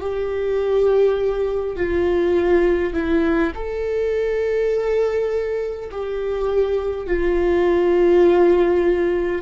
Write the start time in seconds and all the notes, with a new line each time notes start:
0.00 G4
1.76 F4
2.93 E4
3.55 A4
5.90 G4
7.06 F4